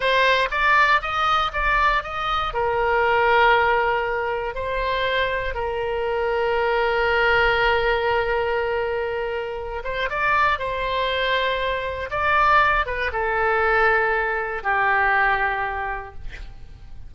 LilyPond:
\new Staff \with { instrumentName = "oboe" } { \time 4/4 \tempo 4 = 119 c''4 d''4 dis''4 d''4 | dis''4 ais'2.~ | ais'4 c''2 ais'4~ | ais'1~ |
ais'2.~ ais'8 c''8 | d''4 c''2. | d''4. b'8 a'2~ | a'4 g'2. | }